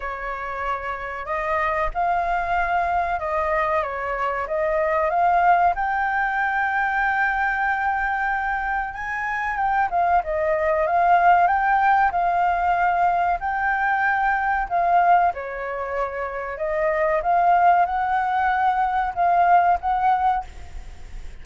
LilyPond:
\new Staff \with { instrumentName = "flute" } { \time 4/4 \tempo 4 = 94 cis''2 dis''4 f''4~ | f''4 dis''4 cis''4 dis''4 | f''4 g''2.~ | g''2 gis''4 g''8 f''8 |
dis''4 f''4 g''4 f''4~ | f''4 g''2 f''4 | cis''2 dis''4 f''4 | fis''2 f''4 fis''4 | }